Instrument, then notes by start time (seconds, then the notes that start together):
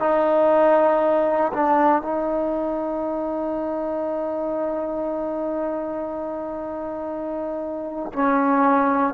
trombone
0.00 D#4
1.53 D4
2.02 D#4
8.13 C#4